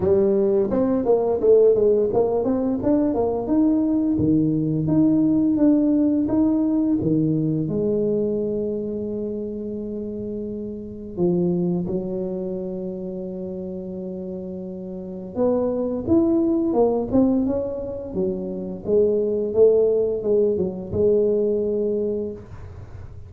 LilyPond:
\new Staff \with { instrumentName = "tuba" } { \time 4/4 \tempo 4 = 86 g4 c'8 ais8 a8 gis8 ais8 c'8 | d'8 ais8 dis'4 dis4 dis'4 | d'4 dis'4 dis4 gis4~ | gis1 |
f4 fis2.~ | fis2 b4 e'4 | ais8 c'8 cis'4 fis4 gis4 | a4 gis8 fis8 gis2 | }